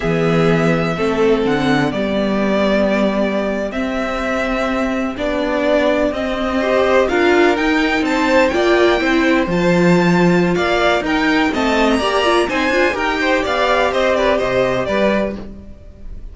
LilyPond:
<<
  \new Staff \with { instrumentName = "violin" } { \time 4/4 \tempo 4 = 125 e''2. fis''4 | d''2.~ d''8. e''16~ | e''2~ e''8. d''4~ d''16~ | d''8. dis''2 f''4 g''16~ |
g''8. a''4 g''2 a''16~ | a''2 f''4 g''4 | a''8. ais''4~ ais''16 gis''4 g''4 | f''4 dis''8 d''8 dis''4 d''4 | }
  \new Staff \with { instrumentName = "violin" } { \time 4/4 gis'2 a'2 | g'1~ | g'1~ | g'4.~ g'16 c''4 ais'4~ ais'16~ |
ais'8. c''4 d''4 c''4~ c''16~ | c''2 d''4 ais'4 | dis''4 d''4 c''4 ais'8 c''8 | d''4 c''8 b'8 c''4 b'4 | }
  \new Staff \with { instrumentName = "viola" } { \time 4/4 b2 c'2 | b2.~ b8. c'16~ | c'2~ c'8. d'4~ d'16~ | d'8. c'4 g'4 f'4 dis'16~ |
dis'4.~ dis'16 f'4 e'4 f'16~ | f'2. dis'4 | c'4 g'8 f'8 dis'8 f'8 g'4~ | g'1 | }
  \new Staff \with { instrumentName = "cello" } { \time 4/4 e2 a4 d4 | g2.~ g8. c'16~ | c'2~ c'8. b4~ b16~ | b8. c'2 d'4 dis'16~ |
dis'8. c'4 ais4 c'4 f16~ | f2 ais4 dis'4 | a4 ais4 c'8 d'8 dis'4 | b4 c'4 c4 g4 | }
>>